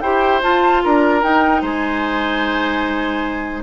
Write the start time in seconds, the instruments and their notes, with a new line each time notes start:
0.00 bassoon E4, clarinet G4, oboe C5, flute G5
0.41 clarinet F4, bassoon F4, flute A5
0.83 bassoon D4, oboe A#4, flute A#5
1.22 clarinet D#4, bassoon D#4, flute G5
1.61 bassoon G#3, oboe C5, flute G#5